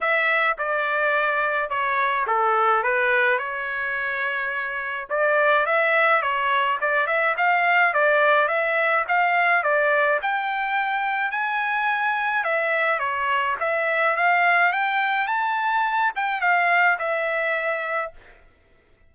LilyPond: \new Staff \with { instrumentName = "trumpet" } { \time 4/4 \tempo 4 = 106 e''4 d''2 cis''4 | a'4 b'4 cis''2~ | cis''4 d''4 e''4 cis''4 | d''8 e''8 f''4 d''4 e''4 |
f''4 d''4 g''2 | gis''2 e''4 cis''4 | e''4 f''4 g''4 a''4~ | a''8 g''8 f''4 e''2 | }